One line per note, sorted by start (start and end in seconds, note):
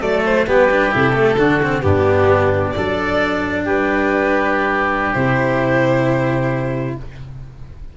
0.00 0.46 F#3
0.00 0.46 A3
0.00 0.45 A4
0.00 0.23 D5
0.24 0.47 C5
0.46 0.93 G3
0.46 0.69 B3
0.46 1.37 G4
0.46 0.94 B4
0.70 0.90 D4
0.90 1.37 C3
0.90 1.13 E4
0.90 1.81 A4
1.13 1.35 A3
1.37 1.82 D3
1.37 1.61 D4
1.37 1.83 F#4
1.62 1.82 C4
1.81 2.74 G2
1.81 2.73 B3
1.81 2.75 D4
1.81 2.71 G4
2.71 3.65 F#3
2.71 5.14 D4
2.71 3.64 A4
2.71 3.61 D5
3.64 5.13 G3
3.64 6.94 G4
3.64 5.12 B4
5.12 6.97 C3
5.12 6.96 E4
5.12 6.94 C5